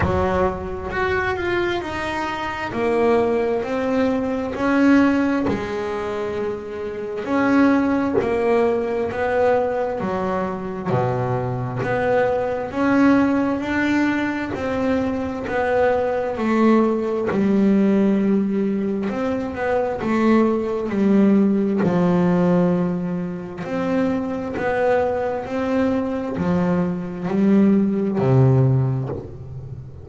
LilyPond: \new Staff \with { instrumentName = "double bass" } { \time 4/4 \tempo 4 = 66 fis4 fis'8 f'8 dis'4 ais4 | c'4 cis'4 gis2 | cis'4 ais4 b4 fis4 | b,4 b4 cis'4 d'4 |
c'4 b4 a4 g4~ | g4 c'8 b8 a4 g4 | f2 c'4 b4 | c'4 f4 g4 c4 | }